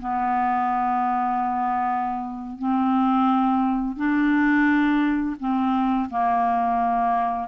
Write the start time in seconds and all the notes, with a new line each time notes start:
0.00 B3
2.59 C4
3.96 D4
5.40 C4
6.10 A#3